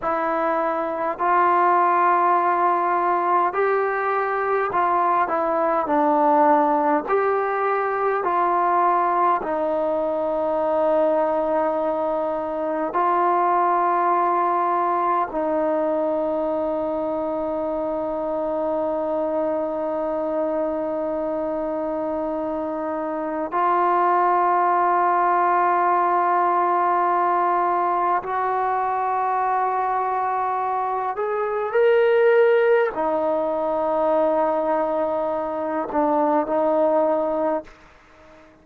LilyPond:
\new Staff \with { instrumentName = "trombone" } { \time 4/4 \tempo 4 = 51 e'4 f'2 g'4 | f'8 e'8 d'4 g'4 f'4 | dis'2. f'4~ | f'4 dis'2.~ |
dis'1 | f'1 | fis'2~ fis'8 gis'8 ais'4 | dis'2~ dis'8 d'8 dis'4 | }